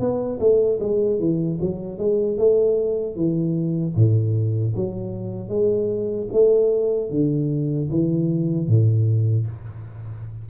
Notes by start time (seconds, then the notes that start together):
0.00 B3
0.40 A3
0.80 G#3
1.19 E3
1.61 F#3
1.98 G#3
2.38 A3
3.17 E3
3.96 A2
4.76 F#3
5.49 G#3
6.32 A3
7.11 D3
7.91 E3
8.68 A2